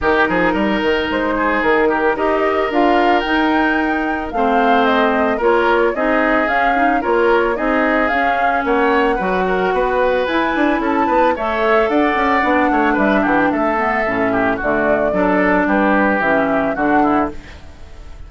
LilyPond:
<<
  \new Staff \with { instrumentName = "flute" } { \time 4/4 \tempo 4 = 111 ais'2 c''4 ais'4 | dis''4 f''4 g''2 | f''4 dis''4 cis''4 dis''4 | f''4 cis''4 dis''4 f''4 |
fis''2. gis''4 | a''4 e''4 fis''2 | e''8 fis''16 g''16 e''2 d''4~ | d''4 b'4 e''4 fis''4 | }
  \new Staff \with { instrumentName = "oboe" } { \time 4/4 g'8 gis'8 ais'4. gis'4 g'8 | ais'1 | c''2 ais'4 gis'4~ | gis'4 ais'4 gis'2 |
cis''4 b'8 ais'8 b'2 | a'8 b'8 cis''4 d''4. cis''8 | b'8 g'8 a'4. g'8 fis'4 | a'4 g'2 fis'8 e'8 | }
  \new Staff \with { instrumentName = "clarinet" } { \time 4/4 dis'1 | g'4 f'4 dis'2 | c'2 f'4 dis'4 | cis'8 dis'8 f'4 dis'4 cis'4~ |
cis'4 fis'2 e'4~ | e'4 a'2 d'4~ | d'4. b8 cis'4 a4 | d'2 cis'4 d'4 | }
  \new Staff \with { instrumentName = "bassoon" } { \time 4/4 dis8 f8 g8 dis8 gis4 dis4 | dis'4 d'4 dis'2 | a2 ais4 c'4 | cis'4 ais4 c'4 cis'4 |
ais4 fis4 b4 e'8 d'8 | cis'8 b8 a4 d'8 cis'8 b8 a8 | g8 e8 a4 a,4 d4 | fis4 g4 e4 d4 | }
>>